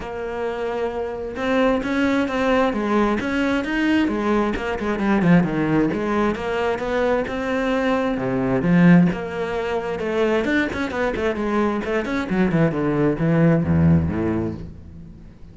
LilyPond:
\new Staff \with { instrumentName = "cello" } { \time 4/4 \tempo 4 = 132 ais2. c'4 | cis'4 c'4 gis4 cis'4 | dis'4 gis4 ais8 gis8 g8 f8 | dis4 gis4 ais4 b4 |
c'2 c4 f4 | ais2 a4 d'8 cis'8 | b8 a8 gis4 a8 cis'8 fis8 e8 | d4 e4 e,4 a,4 | }